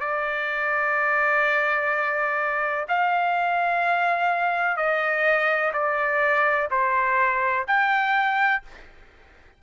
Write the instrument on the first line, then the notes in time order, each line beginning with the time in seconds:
trumpet
0.00 D5
2.88 F5
4.76 D#5
5.73 D5
6.71 C5
7.67 G5